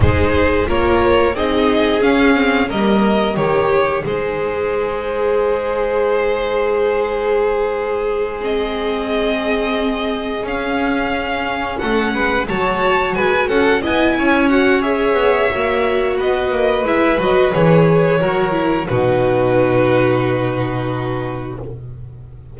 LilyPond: <<
  \new Staff \with { instrumentName = "violin" } { \time 4/4 \tempo 4 = 89 c''4 cis''4 dis''4 f''4 | dis''4 cis''4 c''2~ | c''1~ | c''8 dis''2. f''8~ |
f''4. fis''4 a''4 gis''8 | fis''8 gis''4 fis''8 e''2 | dis''4 e''8 dis''8 cis''2 | b'1 | }
  \new Staff \with { instrumentName = "violin" } { \time 4/4 gis'4 ais'4 gis'2 | ais'4 g'4 gis'2~ | gis'1~ | gis'1~ |
gis'4. a'8 b'8 cis''4 b'8 | a'8 dis''8 cis''2. | b'2. ais'4 | fis'1 | }
  \new Staff \with { instrumentName = "viola" } { \time 4/4 dis'4 f'4 dis'4 cis'8 c'8 | ais4 dis'2.~ | dis'1~ | dis'8 c'2. cis'8~ |
cis'2~ cis'8 fis'4.~ | fis'8 e'4 fis'8 gis'4 fis'4~ | fis'4 e'8 fis'8 gis'4 fis'8 e'8 | dis'1 | }
  \new Staff \with { instrumentName = "double bass" } { \time 4/4 gis4 ais4 c'4 cis'4 | g4 dis4 gis2~ | gis1~ | gis2.~ gis8 cis'8~ |
cis'4. a8 gis8 fis4 gis8 | cis'8 b8 cis'4. b8 ais4 | b8 ais8 gis8 fis8 e4 fis4 | b,1 | }
>>